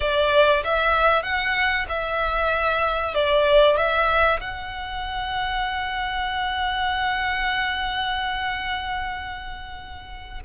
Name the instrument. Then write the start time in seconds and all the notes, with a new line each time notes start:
violin
0.00 D5
0.63 E5
1.22 F#5
1.88 E5
3.14 D5
3.76 E5
4.40 F#5